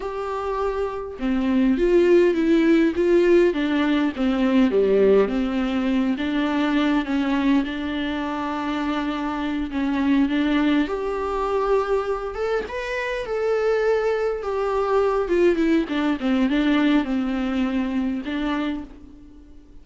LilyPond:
\new Staff \with { instrumentName = "viola" } { \time 4/4 \tempo 4 = 102 g'2 c'4 f'4 | e'4 f'4 d'4 c'4 | g4 c'4. d'4. | cis'4 d'2.~ |
d'8 cis'4 d'4 g'4.~ | g'4 a'8 b'4 a'4.~ | a'8 g'4. f'8 e'8 d'8 c'8 | d'4 c'2 d'4 | }